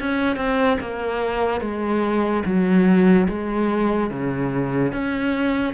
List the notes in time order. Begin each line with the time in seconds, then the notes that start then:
0.00 C#4
0.37 C4
0.81 A#3
1.61 G#3
2.46 F#3
3.29 G#3
4.11 C#3
4.93 C#4